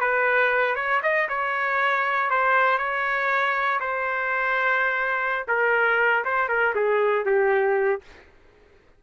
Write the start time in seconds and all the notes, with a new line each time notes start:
0.00 B4
0.75 C#5
1.02 D#5
1.29 C#5
2.30 C5
2.78 C#5
3.80 C5
5.48 A#4
6.24 C5
6.48 A#4
6.75 G#4
7.25 G4